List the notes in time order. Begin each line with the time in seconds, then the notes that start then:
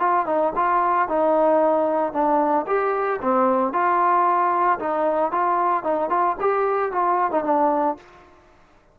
0.00 F4
0.27 D#4
0.56 F4
1.09 D#4
2.13 D4
2.67 G4
3.22 C4
3.73 F4
4.80 D#4
5.32 F4
5.84 D#4
6.10 F4
6.41 G4
6.92 F4
7.32 D#4
7.44 D4